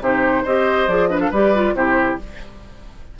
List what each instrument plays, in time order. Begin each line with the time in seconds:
0.00 bassoon C3, clarinet D#4, oboe G4, flute C5
0.43 bassoon C4, clarinet G4, oboe C5, flute D#5
0.87 bassoon F3, clarinet G#4, flute D5
1.07 clarinet D4, oboe B4, flute D#5
1.20 oboe A4, flute F5
1.30 bassoon G3, clarinet G4, oboe B4, flute D5
1.54 clarinet F4
1.73 bassoon C3, clarinet E4, oboe G4, flute C5